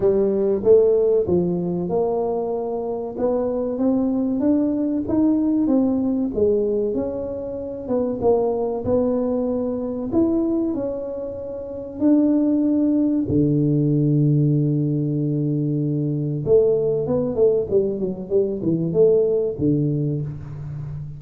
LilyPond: \new Staff \with { instrumentName = "tuba" } { \time 4/4 \tempo 4 = 95 g4 a4 f4 ais4~ | ais4 b4 c'4 d'4 | dis'4 c'4 gis4 cis'4~ | cis'8 b8 ais4 b2 |
e'4 cis'2 d'4~ | d'4 d2.~ | d2 a4 b8 a8 | g8 fis8 g8 e8 a4 d4 | }